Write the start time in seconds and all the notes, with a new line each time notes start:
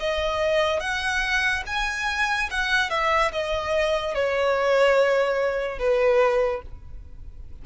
0.00 D#5
0.80 F#5
1.67 G#5
2.51 F#5
2.91 E5
3.32 D#5
4.15 C#5
5.79 B4